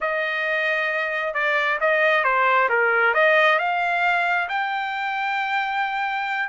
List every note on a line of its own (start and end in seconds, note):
0.00 1.34 D#5
1.34 1.78 D5
1.80 2.24 D#5
2.24 2.68 C5
2.69 3.13 A#4
3.13 3.58 D#5
3.58 4.48 F5
4.48 6.49 G5